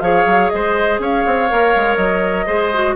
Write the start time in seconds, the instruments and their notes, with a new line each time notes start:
0.00 bassoon F3, clarinet G#4, oboe C#5, flute F5
0.26 bassoon F#3
0.49 bassoon G#3, oboe C5, flute D#5
0.99 bassoon C#4, oboe C#5, flute F5
1.26 bassoon C4
1.49 bassoon A#3, clarinet A#4
1.75 bassoon G#3
1.96 bassoon F#3, flute D#5
2.46 bassoon G#3, clarinet G#4, oboe C5
2.73 clarinet F#4